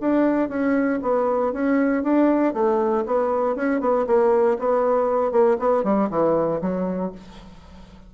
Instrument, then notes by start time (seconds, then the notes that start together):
bassoon
0.00 D4
0.49 C#4
1.02 B3
1.52 C#4
2.03 D4
2.53 A3
3.06 B3
3.55 C#4
3.80 B3
4.06 A#3
4.59 B3
5.31 A#3
5.59 B3
5.83 G3
6.10 E3
6.61 F#3